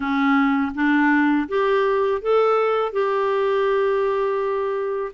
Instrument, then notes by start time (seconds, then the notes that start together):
clarinet
0.00 C#4
0.74 D4
1.48 G4
2.21 A4
2.92 G4